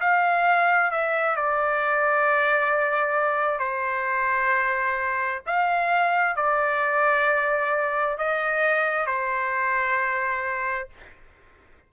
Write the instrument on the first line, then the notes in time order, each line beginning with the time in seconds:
trumpet
0.00 F5
0.91 E5
1.36 D5
3.59 C5
5.46 F5
6.36 D5
8.18 D#5
9.06 C5